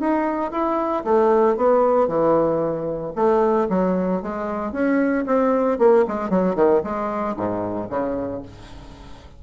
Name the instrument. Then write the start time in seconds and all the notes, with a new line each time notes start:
bassoon
0.00 D#4
0.51 E4
1.04 A3
1.57 B3
2.08 E3
3.15 A3
3.70 F#3
4.22 G#3
4.72 C#4
5.26 C4
5.79 A#3
6.08 G#3
6.30 F#3
6.56 D#3
6.84 G#3
7.37 G#2
7.90 C#3